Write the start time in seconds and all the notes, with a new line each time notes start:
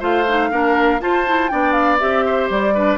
0.00 A3 F4 C5 F5
0.28 D#4
0.51 A#3 D4 A#4
1.00 F4 C5 A5
1.27 E4
1.49 B3 D4 D5 G5
1.73 F5
1.99 C4 G4 E5
2.26 C5
2.50 G3 D5
2.75 D4 B4